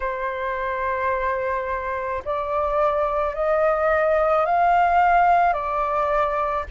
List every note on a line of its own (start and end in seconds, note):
0.00 2.22 C5
2.25 3.34 D5
3.34 4.45 D#5
4.45 5.53 F5
5.53 6.64 D5